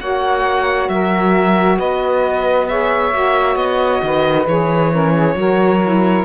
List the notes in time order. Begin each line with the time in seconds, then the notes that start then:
0.00 A#3 F#4 C#5 F#5
0.89 F#3 A#4 E5
1.77 B3 B4 D#5
2.68 G#4 C#5 E5
3.12 A#3 F#4
3.56 B3 D#5
4.02 D#3 B4
4.46 E3 G#4 C#5
4.91 C#4 A#4
5.12 G#4
5.35 F#3 F#4 A#4
5.82 E4